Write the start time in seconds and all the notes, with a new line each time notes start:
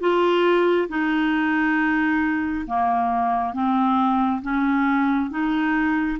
0.00 F4
0.89 D#4
2.66 A#3
3.53 C4
4.42 C#4
5.30 D#4